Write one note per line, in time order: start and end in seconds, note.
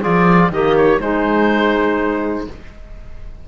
0.00 0.50 F3
0.00 0.52 F4
0.00 0.49 G#4
0.00 0.52 D5
0.50 0.98 D#3
0.50 1.00 A#3
0.50 1.02 G4
0.50 0.76 D#5
0.76 1.01 C#5
1.00 2.46 G#3
1.00 2.47 G#3
1.00 2.48 D#4
1.00 2.47 C5